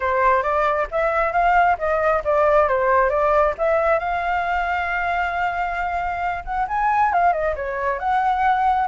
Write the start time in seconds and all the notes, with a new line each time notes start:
0.00 C5
0.42 D5
0.91 E5
1.32 F5
1.78 D#5
2.24 D5
2.68 C5
3.09 D5
3.58 E5
3.99 F5
6.44 F#5
6.68 G#5
7.12 F5
7.32 D#5
7.55 C#5
7.99 F#5